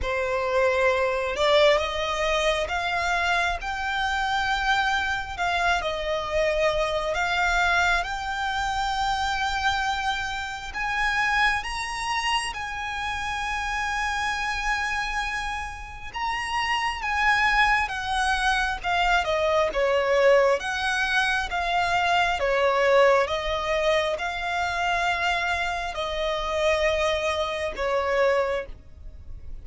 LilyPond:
\new Staff \with { instrumentName = "violin" } { \time 4/4 \tempo 4 = 67 c''4. d''8 dis''4 f''4 | g''2 f''8 dis''4. | f''4 g''2. | gis''4 ais''4 gis''2~ |
gis''2 ais''4 gis''4 | fis''4 f''8 dis''8 cis''4 fis''4 | f''4 cis''4 dis''4 f''4~ | f''4 dis''2 cis''4 | }